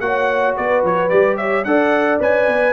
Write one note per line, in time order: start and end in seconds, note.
0.00 0.55 A#3
0.00 1.09 F#4
0.00 0.56 C#5
0.00 0.55 F#5
0.56 0.83 B3
0.56 1.38 B4
0.56 0.84 D5
0.83 1.10 F3
0.83 1.09 C#5
1.09 1.65 G3
1.09 1.64 G4
1.09 1.36 D5
1.37 1.65 C#5
1.37 1.64 E5
1.64 2.19 D4
1.64 2.20 A4
1.64 2.73 D5
1.64 2.19 F#5
2.20 2.47 C#4
2.20 2.73 B4
2.20 2.73 G#5
2.48 2.73 B3